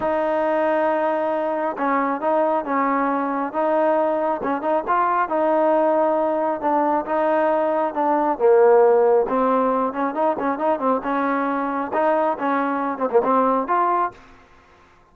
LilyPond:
\new Staff \with { instrumentName = "trombone" } { \time 4/4 \tempo 4 = 136 dis'1 | cis'4 dis'4 cis'2 | dis'2 cis'8 dis'8 f'4 | dis'2. d'4 |
dis'2 d'4 ais4~ | ais4 c'4. cis'8 dis'8 cis'8 | dis'8 c'8 cis'2 dis'4 | cis'4. c'16 ais16 c'4 f'4 | }